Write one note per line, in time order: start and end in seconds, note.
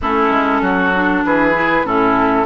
0.01 0.30 A3
0.01 0.94 C#4
0.01 0.62 E4
0.01 1.24 A4
0.30 0.61 G#3
0.61 1.23 F#3
0.61 1.24 F#4
0.94 1.54 D4
1.24 1.84 E3
1.24 1.86 G#4
1.24 1.86 B4
1.54 1.84 E4
1.84 2.45 A2
1.84 2.46 C#4
1.84 2.46 E4
1.84 2.46 A4